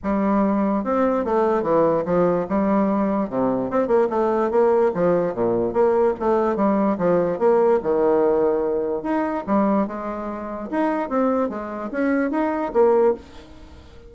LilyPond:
\new Staff \with { instrumentName = "bassoon" } { \time 4/4 \tempo 4 = 146 g2 c'4 a4 | e4 f4 g2 | c4 c'8 ais8 a4 ais4 | f4 ais,4 ais4 a4 |
g4 f4 ais4 dis4~ | dis2 dis'4 g4 | gis2 dis'4 c'4 | gis4 cis'4 dis'4 ais4 | }